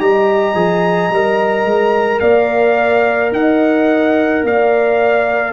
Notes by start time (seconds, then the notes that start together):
0.00 G3 G4 D#5 A#5
0.54 F3 G#4
1.10 G3 A#4
1.65 G#3
2.20 A#3 D5 F5
3.32 D#4 D#5 F#5
4.44 A#3 D5 F5